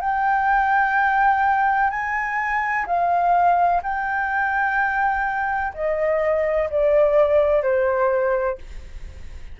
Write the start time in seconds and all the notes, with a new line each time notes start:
0.00 G5
1.90 G#5
2.86 F5
3.82 G5
5.74 D#5
6.70 D5
7.62 C5